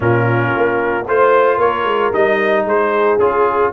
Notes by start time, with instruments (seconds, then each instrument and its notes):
0.00 tuba A#2, trombone C#4, horn F4, trumpet A#4
0.56 tuba A#3
1.07 tuba A3, trombone F4, horn C5, trumpet C5
1.57 tuba A#3, horn A#4, trumpet C#5
1.84 tuba G#3
2.12 tuba G3, trombone D#4, trumpet D#5
2.65 tuba G#3, horn G#4, trumpet C5
3.18 tuba C#4, trombone F4, trumpet G#4